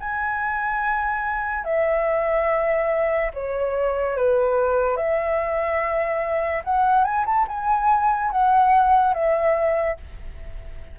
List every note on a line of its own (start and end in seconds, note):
0.00 1.65 G#5
1.65 3.31 E5
3.34 4.17 C#5
4.17 4.97 B4
4.97 6.64 E5
6.65 7.05 F#5
7.05 7.25 G#5
7.26 7.47 A5
7.48 8.31 G#5
8.31 9.14 F#5
9.14 9.97 E5